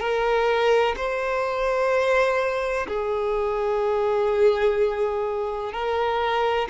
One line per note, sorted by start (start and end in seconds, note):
0.00 0.95 A#4
0.97 2.87 C5
2.88 5.73 G#4
5.73 6.68 A#4